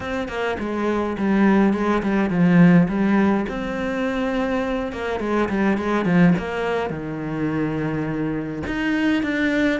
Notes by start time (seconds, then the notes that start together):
0.00 C4
0.28 A#3
0.59 G#3
1.17 G3
1.73 G#3
2.02 G3
2.30 F3
2.88 G3
3.48 C4
4.92 A#3
5.20 G#3
5.49 G3
5.77 G#3
6.05 F3
6.38 A#3
6.89 D#3
8.67 D#4
9.23 D4